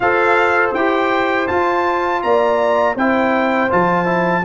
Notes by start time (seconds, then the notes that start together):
0.00 F4 A4 C5 F5
0.73 E4 G4 G5
1.47 F4 A5
2.22 A#3 D5 A#5
2.95 C4 E4 C5 G5
3.70 F3 F4 A5
4.05 E4